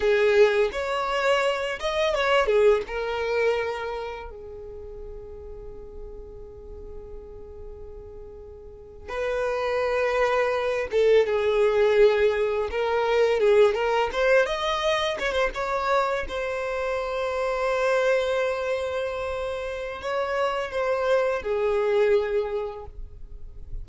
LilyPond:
\new Staff \with { instrumentName = "violin" } { \time 4/4 \tempo 4 = 84 gis'4 cis''4. dis''8 cis''8 gis'8 | ais'2 gis'2~ | gis'1~ | gis'8. b'2~ b'8 a'8 gis'16~ |
gis'4.~ gis'16 ais'4 gis'8 ais'8 c''16~ | c''16 dis''4 cis''16 c''16 cis''4 c''4~ c''16~ | c''1 | cis''4 c''4 gis'2 | }